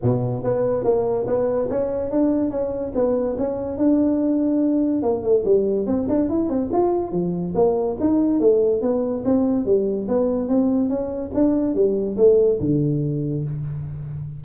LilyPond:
\new Staff \with { instrumentName = "tuba" } { \time 4/4 \tempo 4 = 143 b,4 b4 ais4 b4 | cis'4 d'4 cis'4 b4 | cis'4 d'2. | ais8 a8 g4 c'8 d'8 e'8 c'8 |
f'4 f4 ais4 dis'4 | a4 b4 c'4 g4 | b4 c'4 cis'4 d'4 | g4 a4 d2 | }